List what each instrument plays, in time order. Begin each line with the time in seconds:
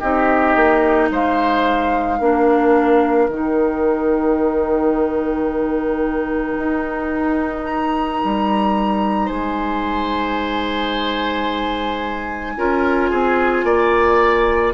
0.00 bassoon C4, clarinet D#4, oboe G4, flute D#5
0.56 bassoon A#3
1.11 bassoon G#3, oboe C5, flute F5
2.19 bassoon A#3, clarinet D4, oboe A#4
3.28 bassoon D#3, clarinet D#4, flute G5
6.58 bassoon D#4
7.65 flute A#5
8.25 bassoon G3
9.26 bassoon G#3, oboe C5, flute G#5
12.57 bassoon C#4, clarinet F4, oboe A#4
13.11 bassoon C4, oboe G#4
13.64 bassoon A#3, oboe D5